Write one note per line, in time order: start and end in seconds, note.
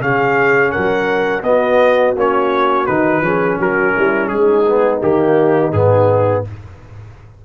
0.00 0.73 C#3
0.00 1.43 C#4
0.00 0.72 G#4
0.00 0.71 F5
0.71 1.42 F#3
0.71 1.43 A#4
0.71 1.43 F#5
1.42 2.14 B3
1.42 2.16 B3
1.42 3.25 F#4
1.42 2.15 D#5
2.16 2.87 A#3
2.16 2.88 C#4
2.16 2.86 C#5
2.86 3.21 D#3
2.86 3.23 D#4
2.86 3.58 B4
3.21 3.57 F3
3.21 4.66 C#4
3.21 3.58 G#4
3.58 3.95 F#3
3.58 3.94 F#4
3.58 4.28 A#4
3.95 4.29 G3
3.95 4.30 E4
4.28 5.00 G#3
4.28 6.45 D#4
4.28 5.00 G#4
4.67 5.01 B3
5.01 5.73 D#3
5.01 5.73 A#3
5.01 5.72 G4
5.72 6.44 G#2
5.72 6.45 B3
5.72 6.44 G#4